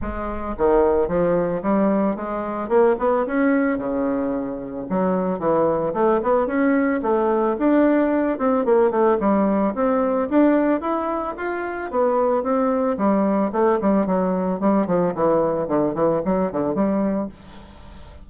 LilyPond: \new Staff \with { instrumentName = "bassoon" } { \time 4/4 \tempo 4 = 111 gis4 dis4 f4 g4 | gis4 ais8 b8 cis'4 cis4~ | cis4 fis4 e4 a8 b8 | cis'4 a4 d'4. c'8 |
ais8 a8 g4 c'4 d'4 | e'4 f'4 b4 c'4 | g4 a8 g8 fis4 g8 f8 | e4 d8 e8 fis8 d8 g4 | }